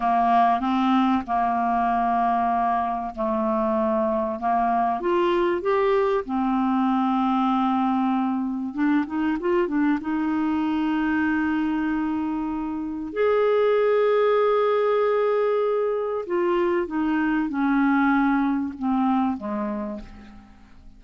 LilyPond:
\new Staff \with { instrumentName = "clarinet" } { \time 4/4 \tempo 4 = 96 ais4 c'4 ais2~ | ais4 a2 ais4 | f'4 g'4 c'2~ | c'2 d'8 dis'8 f'8 d'8 |
dis'1~ | dis'4 gis'2.~ | gis'2 f'4 dis'4 | cis'2 c'4 gis4 | }